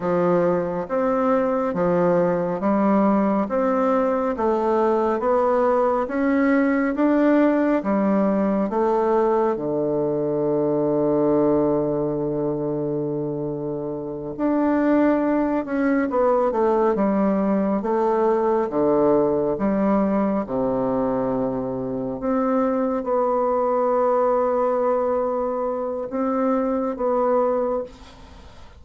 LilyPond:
\new Staff \with { instrumentName = "bassoon" } { \time 4/4 \tempo 4 = 69 f4 c'4 f4 g4 | c'4 a4 b4 cis'4 | d'4 g4 a4 d4~ | d1~ |
d8 d'4. cis'8 b8 a8 g8~ | g8 a4 d4 g4 c8~ | c4. c'4 b4.~ | b2 c'4 b4 | }